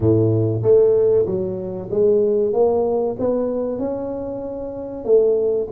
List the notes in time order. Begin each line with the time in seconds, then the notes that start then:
0.00 A2
0.62 A3
1.26 F#3
1.90 G#3
2.53 A#3
3.19 B3
3.78 C#4
5.04 A3